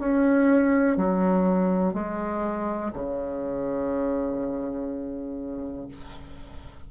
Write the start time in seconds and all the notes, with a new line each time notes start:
0.00 C#4
0.97 F#3
1.94 G#3
2.93 C#3